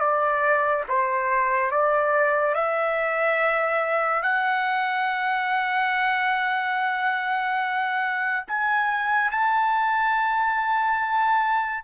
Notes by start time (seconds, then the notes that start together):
0.00 D5
0.89 C5
1.71 D5
2.55 E5
4.23 F#5
8.48 G#5
9.31 A5